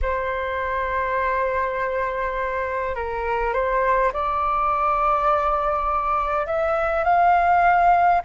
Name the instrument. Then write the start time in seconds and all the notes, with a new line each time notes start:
flute
0.02 C5
2.95 A#4
3.53 C5
4.13 D5
6.46 E5
7.03 F5